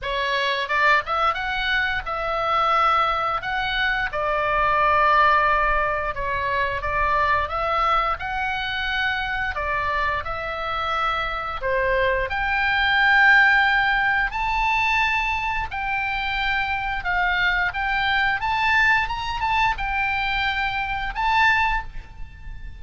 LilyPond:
\new Staff \with { instrumentName = "oboe" } { \time 4/4 \tempo 4 = 88 cis''4 d''8 e''8 fis''4 e''4~ | e''4 fis''4 d''2~ | d''4 cis''4 d''4 e''4 | fis''2 d''4 e''4~ |
e''4 c''4 g''2~ | g''4 a''2 g''4~ | g''4 f''4 g''4 a''4 | ais''8 a''8 g''2 a''4 | }